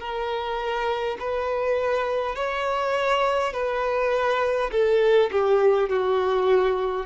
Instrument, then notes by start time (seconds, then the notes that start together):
violin
0.00 A#4
1.19 B4
2.36 C#5
3.53 B4
4.72 A4
5.32 G4
5.90 F#4